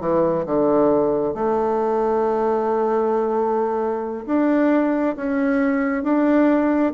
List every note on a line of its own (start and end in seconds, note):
0.00 0.45 E3
0.46 1.34 D3
1.34 4.25 A3
4.26 5.15 D4
5.16 6.03 C#4
6.03 6.93 D4